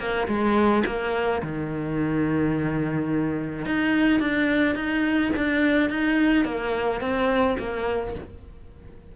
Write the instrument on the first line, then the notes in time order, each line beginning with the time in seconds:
cello
0.00 A#3
0.28 G#3
0.87 A#3
1.43 D#3
3.66 D#4
4.21 D4
4.76 D#4
5.37 D4
5.90 D#4
6.45 A#3
7.01 C4
7.59 A#3